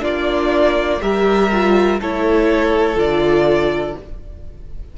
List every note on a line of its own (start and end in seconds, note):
0.00 1.01 A#3
0.00 0.98 D4
0.00 1.00 F4
0.00 1.01 D5
1.00 2.00 G3
1.00 1.49 G4
1.00 2.00 A#4
1.00 2.00 E5
1.51 2.01 F4
2.00 2.95 A3
2.00 2.96 E4
2.00 3.97 A4
2.00 2.99 C#5
2.95 3.94 D3
2.95 3.94 F4
2.95 3.97 D5